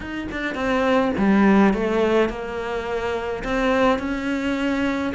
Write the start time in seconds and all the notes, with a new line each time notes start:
0.00 D#4
0.31 D4
0.55 C4
1.17 G3
1.73 A3
2.29 A#3
3.44 C4
3.98 C#4